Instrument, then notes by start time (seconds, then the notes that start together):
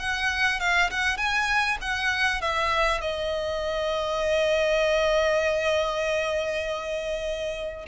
violin
0.00 F#5
0.60 F5
0.91 F#5
1.18 G#5
1.82 F#5
2.42 E5
3.02 D#5